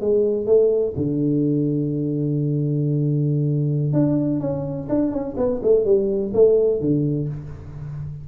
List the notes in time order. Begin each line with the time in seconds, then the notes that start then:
0.00 G#3
0.46 A3
0.96 D3
3.93 D4
4.40 C#4
4.89 D4
5.11 C#4
5.36 B3
5.62 A3
5.84 G3
6.33 A3
6.80 D3